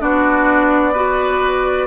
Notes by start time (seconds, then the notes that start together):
0.00 B3 D4 F#4 D5
0.93 F#4 B4